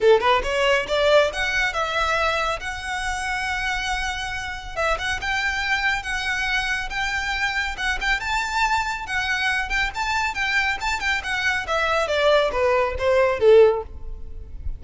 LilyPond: \new Staff \with { instrumentName = "violin" } { \time 4/4 \tempo 4 = 139 a'8 b'8 cis''4 d''4 fis''4 | e''2 fis''2~ | fis''2. e''8 fis''8 | g''2 fis''2 |
g''2 fis''8 g''8 a''4~ | a''4 fis''4. g''8 a''4 | g''4 a''8 g''8 fis''4 e''4 | d''4 b'4 c''4 a'4 | }